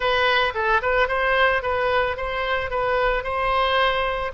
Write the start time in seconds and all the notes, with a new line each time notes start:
0.00 B4
0.54 A4
0.82 B4
1.08 C5
1.62 B4
2.16 C5
2.70 B4
3.23 C5